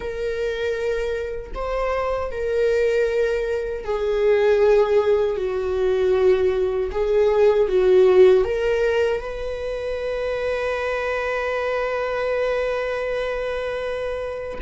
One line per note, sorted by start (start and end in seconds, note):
0.00 1.51 A#4
1.54 2.31 C5
2.31 3.84 A#4
3.84 5.36 G#4
5.36 6.90 F#4
6.91 7.68 G#4
7.68 8.44 F#4
8.44 9.20 A#4
9.20 14.58 B4